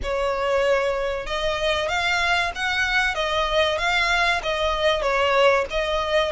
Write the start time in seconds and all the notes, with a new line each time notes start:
0.02 C#5
1.26 D#5
1.88 F5
2.55 F#5
3.14 D#5
3.78 F5
4.42 D#5
5.02 C#5
5.70 D#5